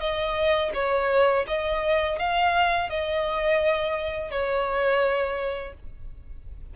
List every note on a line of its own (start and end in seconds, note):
0.00 0.71 D#5
0.74 1.46 C#5
1.47 2.19 D#5
2.19 2.90 F5
2.90 4.31 D#5
4.31 5.74 C#5